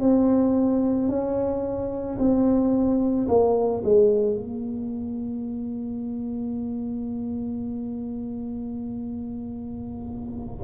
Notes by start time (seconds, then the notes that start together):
0.00 C4
1.08 C#4
2.18 C4
3.28 A#3
3.84 G#3
4.37 A#3